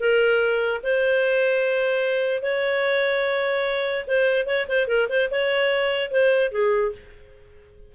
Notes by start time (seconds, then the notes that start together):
0.00 A#4
0.83 C5
2.43 C#5
4.07 C5
4.47 C#5
4.69 C5
4.88 A#4
5.09 C5
5.31 C#5
6.12 C5
6.52 G#4